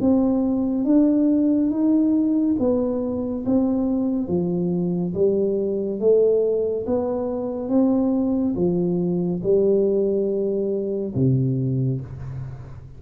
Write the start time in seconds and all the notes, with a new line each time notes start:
0.00 C4
0.84 D4
1.70 D#4
2.59 B3
3.46 C4
4.28 F3
5.14 G3
6.00 A3
6.86 B3
7.69 C4
8.55 F3
9.43 G3
11.15 C3